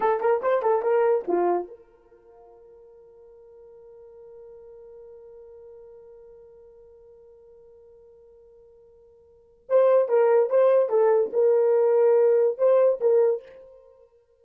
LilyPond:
\new Staff \with { instrumentName = "horn" } { \time 4/4 \tempo 4 = 143 a'8 ais'8 c''8 a'8 ais'4 f'4 | ais'1~ | ais'1~ | ais'1~ |
ais'1~ | ais'2. c''4 | ais'4 c''4 a'4 ais'4~ | ais'2 c''4 ais'4 | }